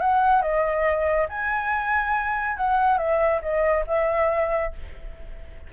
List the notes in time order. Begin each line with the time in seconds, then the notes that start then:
0.00 F#5
0.41 D#5
1.29 G#5
2.57 F#5
2.98 E5
3.42 D#5
3.87 E5